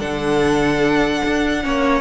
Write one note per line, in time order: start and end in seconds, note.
0.00 1.22 D3
0.00 1.63 D4
0.00 1.62 A4
0.00 2.01 F#5
1.25 1.65 D4
1.63 2.01 A#3
1.63 2.01 C#4
1.63 2.01 C#5